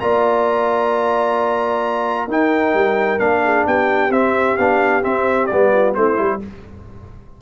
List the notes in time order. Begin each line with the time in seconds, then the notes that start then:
0.00 A#3 F4 D5 A#5
2.27 D#4 A#4 G5
2.74 G3
3.19 A#3 D4 F5
3.44 G#4
3.66 B3 G4 G5
4.10 C4 E5
4.58 B3 D4 F5
5.03 C4 E5
5.47 G3 B3 D5
5.73 F4
5.95 A3 C4 E4 C5
6.17 G3 E4